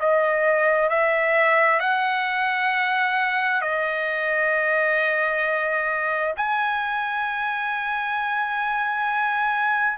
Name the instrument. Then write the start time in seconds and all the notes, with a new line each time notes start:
trumpet
0.00 D#5
0.90 E5
1.80 F#5
3.62 D#5
6.37 G#5